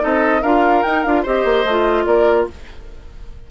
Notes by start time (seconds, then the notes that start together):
0.00 C4 D#4 A4 D#5
0.42 D4 F4 A#4 F5
0.83 D#4 G5
1.03 D4 F4 F5
1.23 C4 G4 C5 D#5
1.45 A#3
1.65 A3 F4
2.06 A#3 A#4 D5